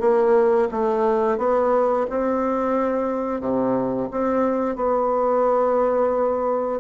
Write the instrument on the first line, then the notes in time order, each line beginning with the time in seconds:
bassoon
0.00 A#3
0.72 A3
1.38 B3
2.10 C4
3.40 C3
4.11 C4
4.76 B3